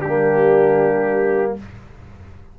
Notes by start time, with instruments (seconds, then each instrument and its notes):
0.00 tuba G3, horn D4, trumpet G4
0.07 trombone A#3